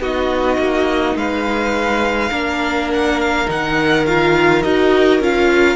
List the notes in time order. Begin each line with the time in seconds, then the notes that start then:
0.00 B3 D#4 F#4 D#5
0.58 A#3
1.15 G#3 B4 F5
2.31 A#3 D4 A#4
2.94 F#5
3.20 F5
3.46 D#3 D#4 F#5
4.06 F4 F5
4.62 D#4 F#4 D#5
5.20 C#4 F4 F5